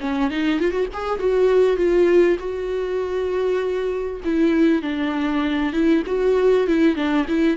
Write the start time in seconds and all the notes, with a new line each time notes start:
0.00 C#4
0.30 D#4
0.60 F4
0.71 F#4
0.93 G#4
1.19 F#4
1.76 F4
2.39 F#4
4.24 E4
4.82 D4
5.72 E4
6.06 F#4
6.67 E4
6.95 D4
7.28 E4